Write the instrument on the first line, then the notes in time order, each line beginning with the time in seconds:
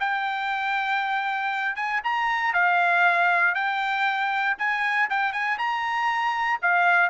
trumpet
0.00 G5
1.76 G#5
2.04 A#5
2.53 F5
3.55 G5
4.58 G#5
5.10 G5
5.33 G#5
5.58 A#5
6.62 F5